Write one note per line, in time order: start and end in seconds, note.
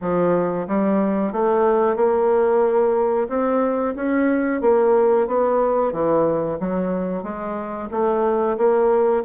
0.01 0.67 F3
0.67 1.32 G3
1.32 1.96 A3
1.96 3.28 A#3
3.28 3.94 C4
3.95 4.61 C#4
4.61 5.27 A#3
5.27 5.92 B3
5.92 6.58 E3
6.60 7.23 F#3
7.23 7.89 G#3
7.91 8.57 A3
8.57 9.23 A#3